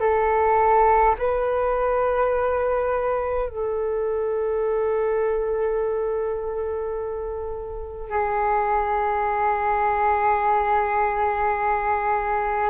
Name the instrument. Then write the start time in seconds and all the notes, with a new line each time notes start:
flute
0.00 A4
1.19 B4
3.49 A4
8.10 G#4